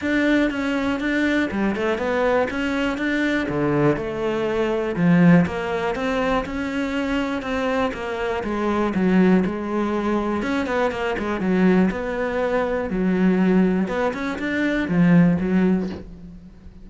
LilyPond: \new Staff \with { instrumentName = "cello" } { \time 4/4 \tempo 4 = 121 d'4 cis'4 d'4 g8 a8 | b4 cis'4 d'4 d4 | a2 f4 ais4 | c'4 cis'2 c'4 |
ais4 gis4 fis4 gis4~ | gis4 cis'8 b8 ais8 gis8 fis4 | b2 fis2 | b8 cis'8 d'4 f4 fis4 | }